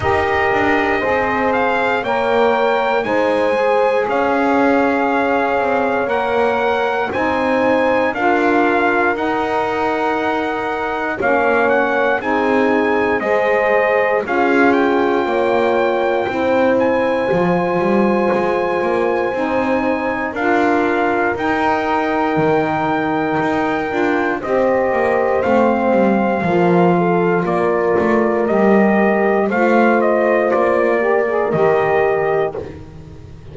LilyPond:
<<
  \new Staff \with { instrumentName = "trumpet" } { \time 4/4 \tempo 4 = 59 dis''4. f''8 g''4 gis''4 | f''2 fis''4 gis''4 | f''4 fis''2 f''8 fis''8 | gis''4 dis''4 f''8 g''4.~ |
g''8 gis''2.~ gis''8 | f''4 g''2. | dis''4 f''2 d''4 | dis''4 f''8 dis''8 d''4 dis''4 | }
  \new Staff \with { instrumentName = "horn" } { \time 4/4 ais'4 c''4 cis''4 c''4 | cis''2. c''4 | ais'2. cis''4 | gis'4 c''4 gis'4 cis''4 |
c''1 | ais'1 | c''2 ais'8 a'8 ais'4~ | ais'4 c''4. ais'4. | }
  \new Staff \with { instrumentName = "saxophone" } { \time 4/4 g'4 gis'4 ais'4 dis'8 gis'8~ | gis'2 ais'4 dis'4 | f'4 dis'2 cis'4 | dis'4 gis'4 f'2 |
e'4 f'2 dis'4 | f'4 dis'2~ dis'8 f'8 | g'4 c'4 f'2 | g'4 f'4. g'16 gis'16 g'4 | }
  \new Staff \with { instrumentName = "double bass" } { \time 4/4 dis'8 d'8 c'4 ais4 gis4 | cis'4. c'8 ais4 c'4 | d'4 dis'2 ais4 | c'4 gis4 cis'4 ais4 |
c'4 f8 g8 gis8 ais8 c'4 | d'4 dis'4 dis4 dis'8 d'8 | c'8 ais8 a8 g8 f4 ais8 a8 | g4 a4 ais4 dis4 | }
>>